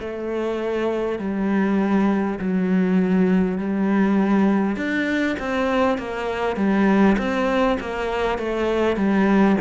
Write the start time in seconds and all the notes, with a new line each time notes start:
0.00 A3
1.19 G3
2.39 F#3
3.58 G3
4.76 D4
5.39 C4
5.98 A#3
6.56 G3
7.18 C4
7.80 A#3
8.38 A3
8.96 G3